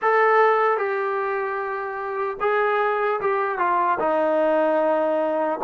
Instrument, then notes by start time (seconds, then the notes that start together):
trombone
0.01 A4
0.77 G4
2.40 G#4
3.20 G4
3.58 F4
3.99 D#4